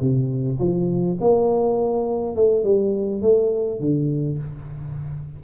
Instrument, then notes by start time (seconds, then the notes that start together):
tuba
0.00 C3
0.59 F3
1.20 A#3
2.36 A3
2.64 G3
3.22 A3
3.80 D3